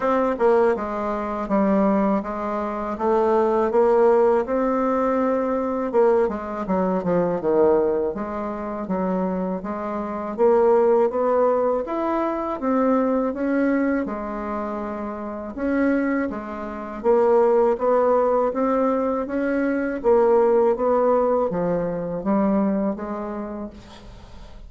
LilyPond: \new Staff \with { instrumentName = "bassoon" } { \time 4/4 \tempo 4 = 81 c'8 ais8 gis4 g4 gis4 | a4 ais4 c'2 | ais8 gis8 fis8 f8 dis4 gis4 | fis4 gis4 ais4 b4 |
e'4 c'4 cis'4 gis4~ | gis4 cis'4 gis4 ais4 | b4 c'4 cis'4 ais4 | b4 f4 g4 gis4 | }